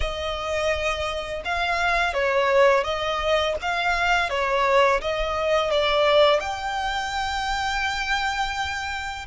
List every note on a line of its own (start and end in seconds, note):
0.00 1.43 D#5
1.44 2.13 F5
2.13 2.84 C#5
2.84 3.55 D#5
3.61 4.29 F5
4.29 5.00 C#5
5.01 5.70 D#5
5.70 6.40 D5
6.40 9.25 G5